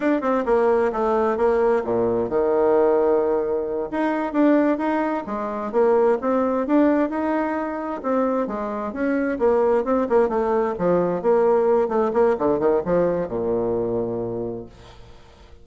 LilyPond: \new Staff \with { instrumentName = "bassoon" } { \time 4/4 \tempo 4 = 131 d'8 c'8 ais4 a4 ais4 | ais,4 dis2.~ | dis8 dis'4 d'4 dis'4 gis8~ | gis8 ais4 c'4 d'4 dis'8~ |
dis'4. c'4 gis4 cis'8~ | cis'8 ais4 c'8 ais8 a4 f8~ | f8 ais4. a8 ais8 d8 dis8 | f4 ais,2. | }